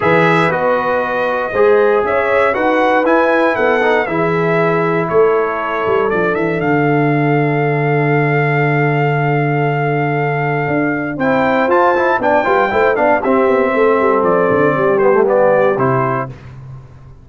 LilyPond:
<<
  \new Staff \with { instrumentName = "trumpet" } { \time 4/4 \tempo 4 = 118 e''4 dis''2. | e''4 fis''4 gis''4 fis''4 | e''2 cis''2 | d''8 e''8 f''2.~ |
f''1~ | f''2 g''4 a''4 | g''4. f''8 e''2 | d''4. c''8 d''4 c''4 | }
  \new Staff \with { instrumentName = "horn" } { \time 4/4 b'2. c''4 | cis''4 b'2 a'4 | gis'2 a'2~ | a'1~ |
a'1~ | a'2 c''2 | d''8 b'8 c''8 d''8 g'4 a'4~ | a'4 g'2. | }
  \new Staff \with { instrumentName = "trombone" } { \time 4/4 gis'4 fis'2 gis'4~ | gis'4 fis'4 e'4. dis'8 | e'1 | d'1~ |
d'1~ | d'2 e'4 f'8 e'8 | d'8 f'8 e'8 d'8 c'2~ | c'4. b16 a16 b4 e'4 | }
  \new Staff \with { instrumentName = "tuba" } { \time 4/4 e4 b2 gis4 | cis'4 dis'4 e'4 b4 | e2 a4. g8 | f8 e8 d2.~ |
d1~ | d4 d'4 c'4 f'4 | b8 g8 a8 b8 c'8 b8 a8 g8 | f8 d8 g2 c4 | }
>>